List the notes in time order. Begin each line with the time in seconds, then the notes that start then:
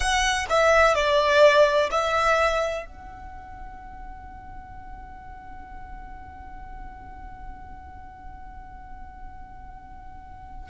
0.00 F#5
0.49 E5
0.94 D5
1.90 E5
2.86 F#5